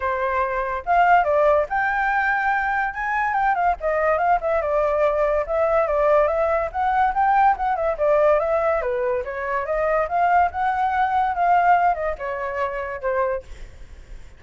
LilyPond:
\new Staff \with { instrumentName = "flute" } { \time 4/4 \tempo 4 = 143 c''2 f''4 d''4 | g''2. gis''4 | g''8 f''8 dis''4 f''8 e''8 d''4~ | d''4 e''4 d''4 e''4 |
fis''4 g''4 fis''8 e''8 d''4 | e''4 b'4 cis''4 dis''4 | f''4 fis''2 f''4~ | f''8 dis''8 cis''2 c''4 | }